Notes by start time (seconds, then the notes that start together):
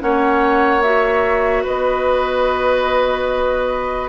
0.00 A#3 C#4 C#5 F#5
0.82 F#4 E5
1.64 B3 B4 D#5